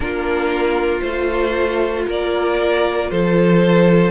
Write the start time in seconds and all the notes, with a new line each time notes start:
0.00 A#3 D4 F4 A#4
1.01 A3 F4 C5
2.06 A#3 A#4 D5
3.10 F3 A4 C5